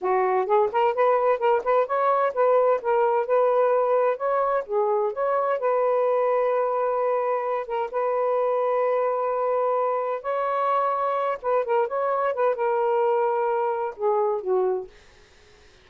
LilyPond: \new Staff \with { instrumentName = "saxophone" } { \time 4/4 \tempo 4 = 129 fis'4 gis'8 ais'8 b'4 ais'8 b'8 | cis''4 b'4 ais'4 b'4~ | b'4 cis''4 gis'4 cis''4 | b'1~ |
b'8 ais'8 b'2.~ | b'2 cis''2~ | cis''8 b'8 ais'8 cis''4 b'8 ais'4~ | ais'2 gis'4 fis'4 | }